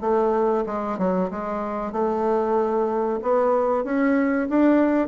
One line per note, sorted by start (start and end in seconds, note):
0.00 0.64 A3
0.66 0.97 G#3
0.98 1.30 F#3
1.30 1.91 G#3
1.91 3.19 A3
3.22 3.84 B3
3.84 4.48 C#4
4.49 5.08 D4